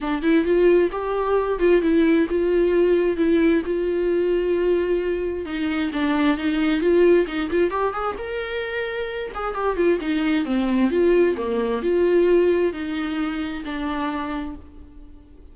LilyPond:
\new Staff \with { instrumentName = "viola" } { \time 4/4 \tempo 4 = 132 d'8 e'8 f'4 g'4. f'8 | e'4 f'2 e'4 | f'1 | dis'4 d'4 dis'4 f'4 |
dis'8 f'8 g'8 gis'8 ais'2~ | ais'8 gis'8 g'8 f'8 dis'4 c'4 | f'4 ais4 f'2 | dis'2 d'2 | }